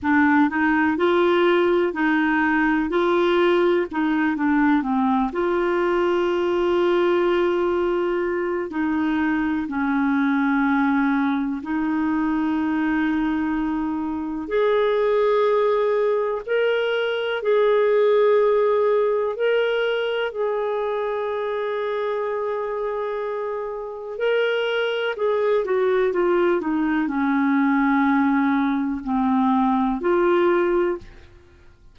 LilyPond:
\new Staff \with { instrumentName = "clarinet" } { \time 4/4 \tempo 4 = 62 d'8 dis'8 f'4 dis'4 f'4 | dis'8 d'8 c'8 f'2~ f'8~ | f'4 dis'4 cis'2 | dis'2. gis'4~ |
gis'4 ais'4 gis'2 | ais'4 gis'2.~ | gis'4 ais'4 gis'8 fis'8 f'8 dis'8 | cis'2 c'4 f'4 | }